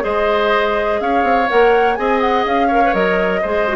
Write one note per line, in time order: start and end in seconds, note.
0.00 1.00 G#3
0.00 1.45 G#4
0.00 1.00 C5
0.00 1.00 D#5
1.00 1.23 C#4
1.00 1.98 C#5
1.00 1.49 F5
1.23 1.47 C4
1.49 1.98 A#3
1.49 1.96 A#4
1.49 1.95 F#5
1.95 2.45 C4
1.95 2.69 G#4
1.95 2.67 D#5
1.95 2.19 G#5
2.20 2.44 F#5
2.45 2.93 C#4
2.45 2.94 F5
2.67 2.83 A#4
2.67 3.40 C#5
2.84 2.94 B4
2.93 3.42 F#3
2.93 3.42 A#4
2.93 3.76 D#5
3.42 3.76 G#3
3.42 3.68 G#4
3.42 3.76 C5
3.68 3.76 F#4